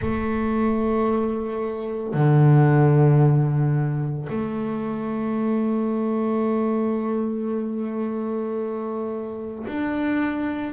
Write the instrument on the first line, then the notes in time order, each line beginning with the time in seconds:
double bass
0.01 A3
2.13 D3
4.29 A3
9.67 D4